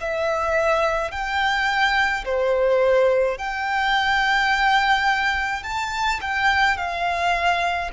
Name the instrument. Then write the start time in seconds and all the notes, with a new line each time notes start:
violin
0.00 E5
1.11 G5
2.24 C5
3.38 G5
5.63 A5
6.21 G5
6.77 F5